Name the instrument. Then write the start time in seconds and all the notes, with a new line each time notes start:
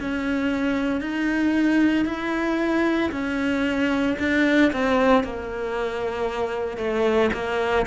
cello
0.00 C#4
1.01 D#4
2.05 E4
3.11 C#4
4.19 D4
4.73 C4
5.23 A#3
6.78 A3
7.33 A#3